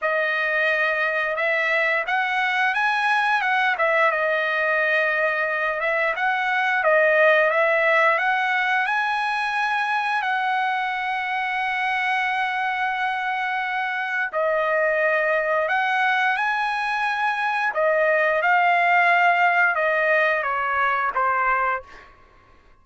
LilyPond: \new Staff \with { instrumentName = "trumpet" } { \time 4/4 \tempo 4 = 88 dis''2 e''4 fis''4 | gis''4 fis''8 e''8 dis''2~ | dis''8 e''8 fis''4 dis''4 e''4 | fis''4 gis''2 fis''4~ |
fis''1~ | fis''4 dis''2 fis''4 | gis''2 dis''4 f''4~ | f''4 dis''4 cis''4 c''4 | }